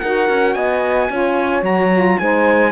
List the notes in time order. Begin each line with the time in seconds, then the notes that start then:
0.00 D#4 F#4 A#4 F#5
0.30 C#4
0.54 B3 D#5 G#5
1.10 C#4 F4 C#5
1.61 F#3 F#4 A#5
1.94 F4
2.19 G#3 D#4 C5 G#5